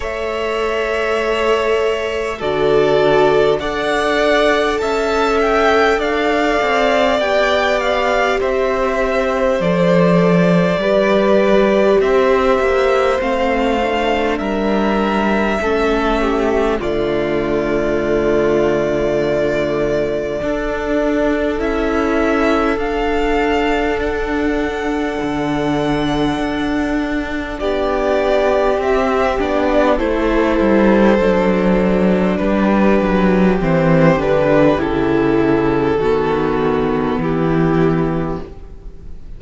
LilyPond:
<<
  \new Staff \with { instrumentName = "violin" } { \time 4/4 \tempo 4 = 50 e''2 d''4 fis''4 | a''8 g''8 f''4 g''8 f''8 e''4 | d''2 e''4 f''4 | e''2 d''2~ |
d''2 e''4 f''4 | fis''2. d''4 | e''8 d''8 c''2 b'4 | c''8 b'8 a'2 g'4 | }
  \new Staff \with { instrumentName = "violin" } { \time 4/4 cis''2 a'4 d''4 | e''4 d''2 c''4~ | c''4 b'4 c''2 | ais'4 a'8 g'8 f'2~ |
f'4 a'2.~ | a'2. g'4~ | g'4 a'2 g'4~ | g'2 fis'4 e'4 | }
  \new Staff \with { instrumentName = "viola" } { \time 4/4 a'2 fis'4 a'4~ | a'2 g'2 | a'4 g'2 c'8 d'8~ | d'4 cis'4 a2~ |
a4 d'4 e'4 d'4~ | d'1 | c'8 d'8 e'4 d'2 | c'8 d'8 e'4 b2 | }
  \new Staff \with { instrumentName = "cello" } { \time 4/4 a2 d4 d'4 | cis'4 d'8 c'8 b4 c'4 | f4 g4 c'8 ais8 a4 | g4 a4 d2~ |
d4 d'4 cis'4 d'4~ | d'4 d4 d'4 b4 | c'8 b8 a8 g8 fis4 g8 fis8 | e8 d8 cis4 dis4 e4 | }
>>